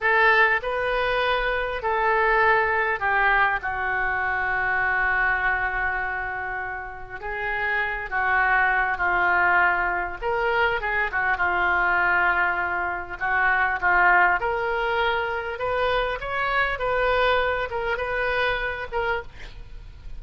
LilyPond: \new Staff \with { instrumentName = "oboe" } { \time 4/4 \tempo 4 = 100 a'4 b'2 a'4~ | a'4 g'4 fis'2~ | fis'1 | gis'4. fis'4. f'4~ |
f'4 ais'4 gis'8 fis'8 f'4~ | f'2 fis'4 f'4 | ais'2 b'4 cis''4 | b'4. ais'8 b'4. ais'8 | }